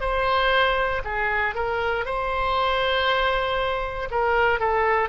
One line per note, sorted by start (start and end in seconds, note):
0.00 1.02 C5
1.04 1.55 G#4
1.55 2.05 A#4
2.05 4.09 C5
4.10 4.59 A#4
4.59 5.09 A4